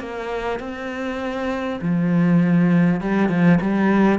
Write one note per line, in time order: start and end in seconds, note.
0.00 0.60 A#3
0.60 1.80 C4
1.82 3.01 F3
3.01 3.29 G3
3.29 3.59 F3
3.61 4.19 G3